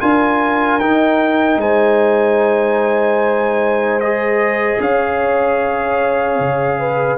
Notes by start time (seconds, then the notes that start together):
0.00 D4 F4 A#4 G#5
0.80 D#4 G5
1.56 G#3 C5 G#5
4.00 G#4 D#5
4.80 C#4 C#5 F5
6.39 C#3
6.79 B4